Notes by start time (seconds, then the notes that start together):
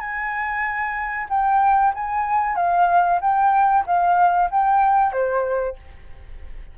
0.00 G#5
1.30 G5
1.94 G#5
2.56 F5
3.21 G5
3.86 F5
4.51 G5
5.12 C5